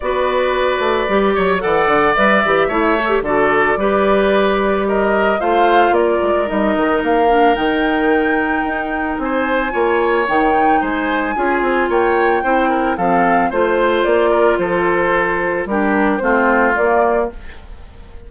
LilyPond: <<
  \new Staff \with { instrumentName = "flute" } { \time 4/4 \tempo 4 = 111 d''2. fis''4 | e''2 d''2~ | d''4 dis''4 f''4 d''4 | dis''4 f''4 g''2~ |
g''4 gis''2 g''4 | gis''2 g''2 | f''4 c''4 d''4 c''4~ | c''4 ais'4 c''4 d''4 | }
  \new Staff \with { instrumentName = "oboe" } { \time 4/4 b'2~ b'8 cis''8 d''4~ | d''4 cis''4 a'4 b'4~ | b'4 ais'4 c''4 ais'4~ | ais'1~ |
ais'4 c''4 cis''2 | c''4 gis'4 cis''4 c''8 ais'8 | a'4 c''4. ais'8 a'4~ | a'4 g'4 f'2 | }
  \new Staff \with { instrumentName = "clarinet" } { \time 4/4 fis'2 g'4 a'4 | b'8 g'8 e'8 a'16 g'16 fis'4 g'4~ | g'2 f'2 | dis'4. d'8 dis'2~ |
dis'2 f'4 dis'4~ | dis'4 f'2 e'4 | c'4 f'2.~ | f'4 d'4 c'4 ais4 | }
  \new Staff \with { instrumentName = "bassoon" } { \time 4/4 b4. a8 g8 fis8 e8 d8 | g8 e8 a4 d4 g4~ | g2 a4 ais8 gis8 | g8 dis8 ais4 dis2 |
dis'4 c'4 ais4 dis4 | gis4 cis'8 c'8 ais4 c'4 | f4 a4 ais4 f4~ | f4 g4 a4 ais4 | }
>>